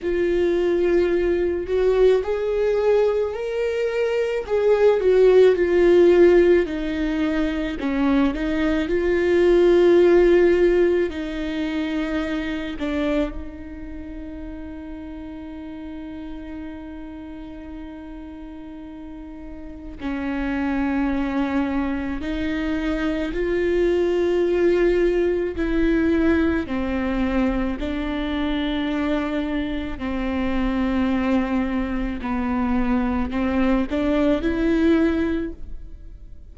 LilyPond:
\new Staff \with { instrumentName = "viola" } { \time 4/4 \tempo 4 = 54 f'4. fis'8 gis'4 ais'4 | gis'8 fis'8 f'4 dis'4 cis'8 dis'8 | f'2 dis'4. d'8 | dis'1~ |
dis'2 cis'2 | dis'4 f'2 e'4 | c'4 d'2 c'4~ | c'4 b4 c'8 d'8 e'4 | }